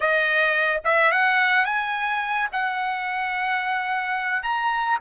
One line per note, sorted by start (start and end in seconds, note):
0.00 0.81 D#5
0.84 1.11 E5
1.11 1.65 F#5
1.65 2.48 G#5
2.52 4.42 F#5
4.42 4.98 A#5